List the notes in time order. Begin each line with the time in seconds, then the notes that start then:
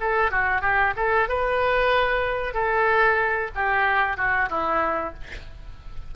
0.00 A4
0.31 F#4
0.61 G4
0.96 A4
1.28 B4
2.54 A4
3.55 G4
4.17 F#4
4.49 E4